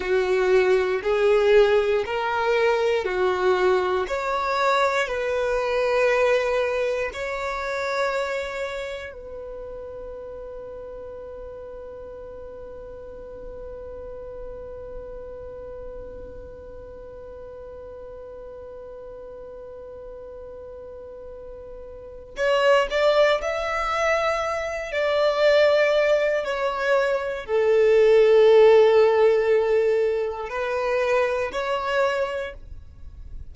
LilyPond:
\new Staff \with { instrumentName = "violin" } { \time 4/4 \tempo 4 = 59 fis'4 gis'4 ais'4 fis'4 | cis''4 b'2 cis''4~ | cis''4 b'2.~ | b'1~ |
b'1~ | b'2 cis''8 d''8 e''4~ | e''8 d''4. cis''4 a'4~ | a'2 b'4 cis''4 | }